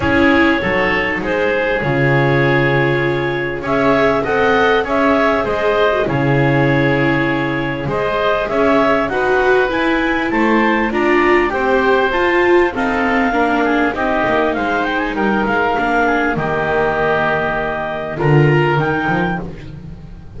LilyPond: <<
  \new Staff \with { instrumentName = "clarinet" } { \time 4/4 \tempo 4 = 99 cis''2 c''4 cis''4~ | cis''2 e''4 fis''4 | e''4 dis''4 cis''2~ | cis''4 dis''4 e''4 fis''4 |
gis''4 a''4 ais''4 g''4 | a''4 f''2 dis''4 | f''8 g''16 gis''16 g''8 f''4. dis''4~ | dis''2 ais''4 g''4 | }
  \new Staff \with { instrumentName = "oboe" } { \time 4/4 gis'4 a'4 gis'2~ | gis'2 cis''4 dis''4 | cis''4 c''4 gis'2~ | gis'4 c''4 cis''4 b'4~ |
b'4 c''4 d''4 c''4~ | c''4 a'4 ais'8 gis'8 g'4 | c''4 ais'4. gis'8 g'4~ | g'2 ais'2 | }
  \new Staff \with { instrumentName = "viola" } { \time 4/4 e'4 dis'2 f'4~ | f'2 gis'4 a'4 | gis'4.~ gis'16 fis'16 e'2~ | e'4 gis'2 fis'4 |
e'2 f'4 g'4 | f'4 c'4 d'4 dis'4~ | dis'2 d'4 ais4~ | ais2 f'4 dis'4 | }
  \new Staff \with { instrumentName = "double bass" } { \time 4/4 cis'4 fis4 gis4 cis4~ | cis2 cis'4 c'4 | cis'4 gis4 cis2~ | cis4 gis4 cis'4 dis'4 |
e'4 a4 d'4 c'4 | f'4 dis'4 ais4 c'8 ais8 | gis4 g8 gis8 ais4 dis4~ | dis2 d4 dis8 f8 | }
>>